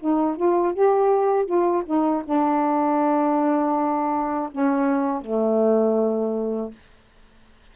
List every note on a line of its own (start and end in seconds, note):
0.00 0.36 D#4
0.36 0.74 F4
0.74 1.46 G4
1.46 1.83 F4
1.86 2.23 D#4
2.25 4.50 D4
4.51 5.22 C#4
5.22 6.72 A3